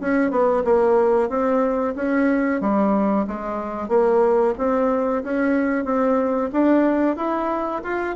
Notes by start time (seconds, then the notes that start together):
0.00 C#4
0.30 B3
0.64 A#3
1.29 C4
1.95 C#4
2.60 G3
3.27 G#3
3.88 A#3
4.58 C4
5.23 C#4
5.85 C4
6.52 D4
7.16 E4
7.83 F4